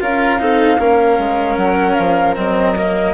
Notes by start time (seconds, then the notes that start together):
0.00 C#4 F4 A#4 F5
0.38 C4 D#4 A4
0.79 A#3 C#4 A#4
1.18 G#3
1.56 F#3 F#5
1.94 F3 F5
2.35 F#3 C4 D#5
2.76 A#3